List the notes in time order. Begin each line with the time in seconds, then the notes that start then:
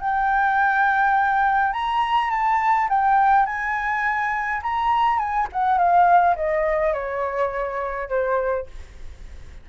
0.00 G5
1.73 A#5
2.30 A5
2.89 G5
3.46 G#5
4.62 A#5
5.18 G#5
5.52 F#5
5.78 F5
6.36 D#5
6.93 C#5
8.09 C5